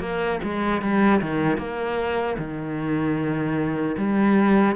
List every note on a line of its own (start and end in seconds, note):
0.00 0.39 A#3
0.43 0.81 G#3
0.81 1.21 G3
1.21 1.57 D#3
1.57 2.36 A#3
2.38 3.96 D#3
3.97 4.75 G3